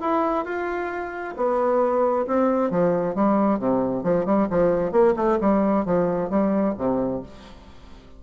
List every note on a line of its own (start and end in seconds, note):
0.00 0.45 E4
0.45 1.34 F4
1.36 2.26 B3
2.27 2.70 C4
2.70 3.14 F3
3.14 3.58 G3
3.58 4.03 C3
4.03 4.25 F3
4.25 4.47 G3
4.50 4.91 F3
4.91 5.14 A#3
5.16 5.38 A3
5.40 5.85 G3
5.85 6.29 F3
6.29 6.74 G3
6.77 7.22 C3